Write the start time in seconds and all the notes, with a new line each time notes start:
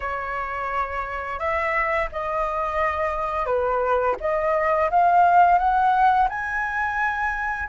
0.00 C#5
1.39 E5
2.12 D#5
3.45 B4
4.20 D#5
4.90 F5
5.58 F#5
6.29 G#5